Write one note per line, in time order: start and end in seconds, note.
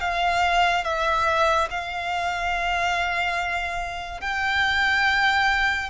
0.00 0.84 F5
0.84 1.69 E5
1.71 4.21 F5
4.21 5.90 G5